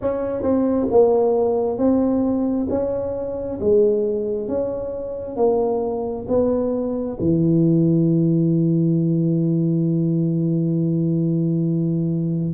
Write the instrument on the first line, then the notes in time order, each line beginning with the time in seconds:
tuba
0.01 C#4
0.42 C4
0.90 A#3
1.77 C4
2.69 C#4
3.60 G#3
4.48 C#4
5.36 A#3
6.28 B3
7.19 E3